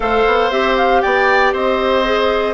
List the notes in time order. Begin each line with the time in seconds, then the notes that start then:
0.00 A3 A4 C5 F5
0.26 B3
0.50 C4 G4 E5
0.76 F5
1.01 B3 D5 G5
1.52 C4 C5 D#5
2.05 G#4